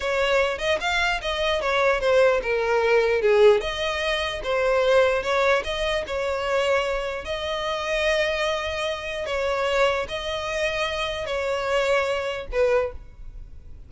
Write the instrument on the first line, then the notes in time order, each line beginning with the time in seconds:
violin
0.00 C#5
0.58 D#5
0.80 F5
1.21 D#5
1.61 C#5
2.00 C5
2.42 A#4
3.21 G#4
3.60 D#5
4.43 C5
5.22 C#5
5.64 D#5
6.06 C#5
7.24 D#5
9.26 C#5
10.08 D#5
11.25 C#5
12.51 B4